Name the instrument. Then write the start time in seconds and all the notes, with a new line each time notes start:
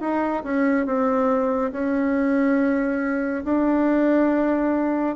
bassoon
0.00 D#4
0.43 C#4
0.85 C4
1.72 C#4
3.44 D4